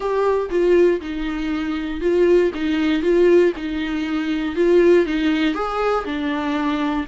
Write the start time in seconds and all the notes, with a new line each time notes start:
0.00 G4
0.50 F4
1.00 D#4
2.00 F4
2.54 D#4
3.02 F4
3.56 D#4
4.55 F4
5.06 D#4
5.54 G#4
6.05 D4